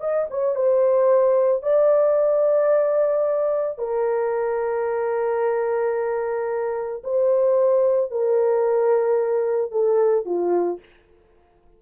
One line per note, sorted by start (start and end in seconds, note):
0.00 0.27 D#5
0.30 0.55 C#5
0.55 1.62 C5
1.62 3.78 D5
3.78 7.02 A#4
7.04 8.11 C5
8.11 9.71 A#4
9.71 10.25 A4
10.26 10.80 F4